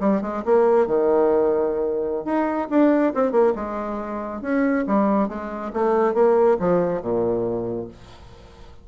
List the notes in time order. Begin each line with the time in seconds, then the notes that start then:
0.00 G3
0.22 G#3
0.45 A#3
0.87 D#3
2.25 D#4
2.70 D4
3.14 C4
3.32 A#3
3.55 G#3
4.42 C#4
4.87 G3
5.29 G#3
5.74 A3
6.14 A#3
6.60 F3
7.02 A#2